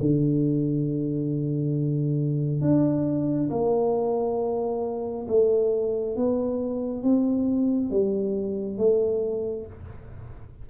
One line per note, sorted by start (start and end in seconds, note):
0.00 2.61 D3
2.61 3.50 D4
3.51 5.27 A#3
5.28 6.16 A3
6.16 7.03 B3
7.03 7.91 C4
7.91 8.78 G3
8.78 9.66 A3